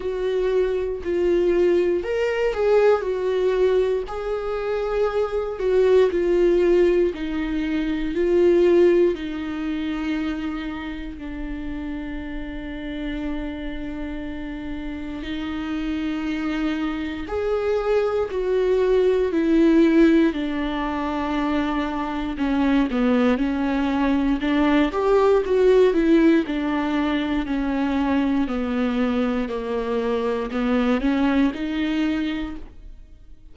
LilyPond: \new Staff \with { instrumentName = "viola" } { \time 4/4 \tempo 4 = 59 fis'4 f'4 ais'8 gis'8 fis'4 | gis'4. fis'8 f'4 dis'4 | f'4 dis'2 d'4~ | d'2. dis'4~ |
dis'4 gis'4 fis'4 e'4 | d'2 cis'8 b8 cis'4 | d'8 g'8 fis'8 e'8 d'4 cis'4 | b4 ais4 b8 cis'8 dis'4 | }